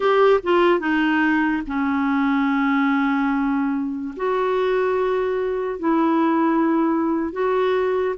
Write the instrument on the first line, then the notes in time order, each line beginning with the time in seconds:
clarinet
0.00 G4
0.43 F4
0.79 D#4
1.66 C#4
4.16 F#4
5.79 E4
7.32 F#4